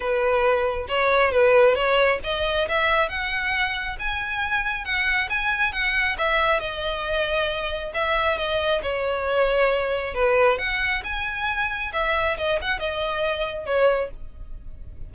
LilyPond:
\new Staff \with { instrumentName = "violin" } { \time 4/4 \tempo 4 = 136 b'2 cis''4 b'4 | cis''4 dis''4 e''4 fis''4~ | fis''4 gis''2 fis''4 | gis''4 fis''4 e''4 dis''4~ |
dis''2 e''4 dis''4 | cis''2. b'4 | fis''4 gis''2 e''4 | dis''8 fis''8 dis''2 cis''4 | }